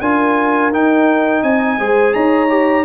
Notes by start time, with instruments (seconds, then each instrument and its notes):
0.00 tuba D4, trombone F4, horn A#4, trumpet G#5
0.71 tuba D#4, trombone D#4, trumpet G5
1.43 tuba C4, horn D#5, trumpet G#5
1.78 tuba G#3, trombone G#4, horn C5
2.13 tuba D#4, horn C#5, trumpet A#5
2.49 trombone G4